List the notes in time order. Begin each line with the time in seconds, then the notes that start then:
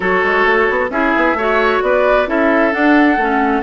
0.00 F#3 F#4 A4 C#5
0.23 G#3
0.45 A3
0.70 B3
0.90 C#4 E4 G#4 E5
1.16 B3
1.33 A3 F#4 C#5
1.82 B3 B4 D5
2.26 C#4 E4 A4 E5
2.71 D4 F#5
3.17 A3 C#4